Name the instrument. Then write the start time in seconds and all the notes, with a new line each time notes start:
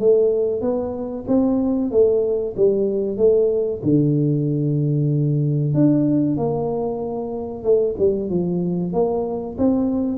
tuba
0.00 A3
0.62 B3
1.28 C4
1.92 A3
2.57 G3
3.18 A3
3.84 D3
5.74 D4
6.38 A#3
7.64 A3
7.99 G3
8.30 F3
8.93 A#3
9.59 C4